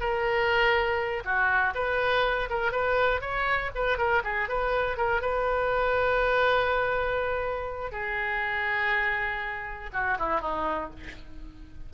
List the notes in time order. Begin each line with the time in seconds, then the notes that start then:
0.00 A#4
1.25 F#4
1.75 B4
2.50 A#4
2.72 B4
3.21 C#5
3.75 B4
3.98 A#4
4.24 G#4
4.49 B4
4.97 A#4
5.22 B4
7.92 G#4
9.93 F#4
10.19 E4
10.41 D#4